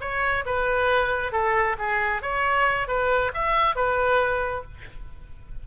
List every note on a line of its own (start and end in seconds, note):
0.00 0.44 C#5
0.45 1.32 B4
1.32 1.76 A4
1.78 2.22 G#4
2.22 2.87 C#5
2.87 3.31 B4
3.34 3.75 E5
3.75 4.63 B4